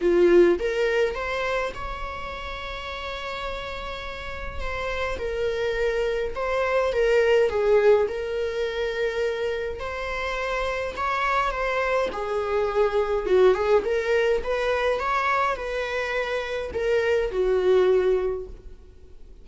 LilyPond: \new Staff \with { instrumentName = "viola" } { \time 4/4 \tempo 4 = 104 f'4 ais'4 c''4 cis''4~ | cis''1 | c''4 ais'2 c''4 | ais'4 gis'4 ais'2~ |
ais'4 c''2 cis''4 | c''4 gis'2 fis'8 gis'8 | ais'4 b'4 cis''4 b'4~ | b'4 ais'4 fis'2 | }